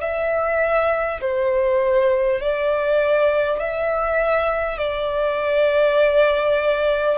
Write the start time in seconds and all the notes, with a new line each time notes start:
0.00 E5
1.20 C5
2.41 D5
3.59 E5
4.78 D5